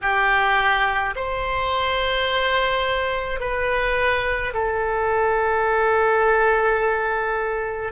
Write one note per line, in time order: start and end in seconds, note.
0.01 1.14 G4
1.15 3.40 C5
3.40 4.53 B4
4.53 7.92 A4